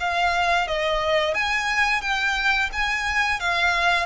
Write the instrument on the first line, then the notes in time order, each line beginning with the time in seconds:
violin
0.00 F5
0.68 D#5
1.35 G#5
2.02 G5
2.73 G#5
3.40 F5